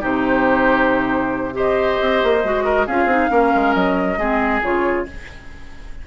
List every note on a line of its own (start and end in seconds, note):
0.00 2.00 C3
0.00 1.52 D#4
0.00 1.54 G4
0.00 1.56 C5
1.52 2.40 G4
1.52 2.64 C5
1.52 2.87 D#5
2.01 2.23 C4
2.23 2.44 A#3
2.44 2.87 G#3
2.44 2.88 F#4
2.64 2.86 A#4
2.86 3.05 C#4
2.86 3.10 F4
2.86 3.30 G#4
2.86 3.74 F5
3.05 3.27 C4
3.05 3.29 D#4
3.29 3.53 A#3
3.29 4.17 C#4
3.29 4.19 A#4
3.55 3.75 G#3
3.74 4.18 F#3
3.74 4.61 D#5
4.18 4.61 G#3
4.18 4.62 C4
4.18 5.06 G#4
4.62 5.07 C#3
4.62 5.06 F4
4.62 5.07 C#5